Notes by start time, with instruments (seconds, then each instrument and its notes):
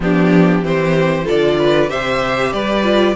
0.00 cello F3, viola B3, violin D4 G4
0.62 cello E3, viola C4, violin G4 C5
1.24 viola F4, violin A4 D5
1.31 cello D3
1.58 violin B4
1.87 cello C3, viola G4, violin C5 E5
2.52 cello G3, violin B4 D5
2.83 viola F4